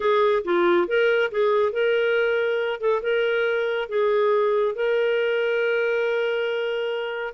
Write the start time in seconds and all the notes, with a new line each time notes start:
0.00 G#4
0.44 F4
0.87 A#4
1.31 G#4
1.72 A#4
2.80 A4
3.02 A#4
3.88 G#4
4.75 A#4